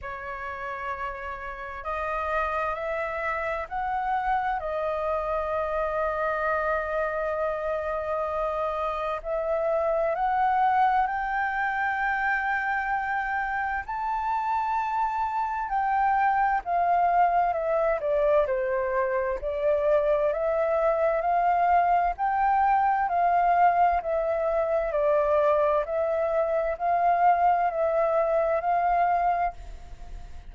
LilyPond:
\new Staff \with { instrumentName = "flute" } { \time 4/4 \tempo 4 = 65 cis''2 dis''4 e''4 | fis''4 dis''2.~ | dis''2 e''4 fis''4 | g''2. a''4~ |
a''4 g''4 f''4 e''8 d''8 | c''4 d''4 e''4 f''4 | g''4 f''4 e''4 d''4 | e''4 f''4 e''4 f''4 | }